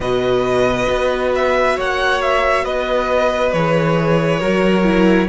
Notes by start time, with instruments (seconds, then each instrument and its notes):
0.00 cello B2, viola F#4, violin B4 D#5
0.89 cello B3
1.35 violin E5
1.76 cello A#3, violin C#5 F#5
2.21 violin E5
2.64 cello B3, violin B4 D#5
3.52 cello E3, viola G#4, violin C#5
4.40 cello F#3, viola F#4, violin A#4
4.83 viola E4